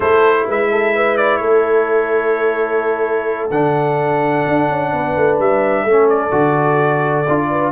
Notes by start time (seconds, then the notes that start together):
0.00 A3 E4 A4 C5
0.46 G#3 B4 E5
0.71 A4
0.94 B4
1.17 D5
1.37 A3 A4 C#5
3.50 D3 D4 F#5
4.46 D4
4.69 C#4
4.92 B3 B4
5.16 A3
5.39 G3 E5
5.84 A3 C#4 A4
6.08 D5
6.30 D3 F#4
7.28 D4 F4
7.49 B4